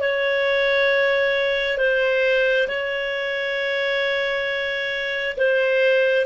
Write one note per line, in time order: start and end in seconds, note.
0.00 1.78 C#5
1.78 2.68 C5
2.68 5.36 C#5
5.37 6.26 C5